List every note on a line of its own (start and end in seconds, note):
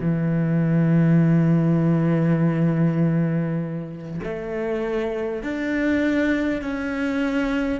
0.00 4.20 E3
4.23 5.43 A3
5.43 6.62 D4
6.62 7.80 C#4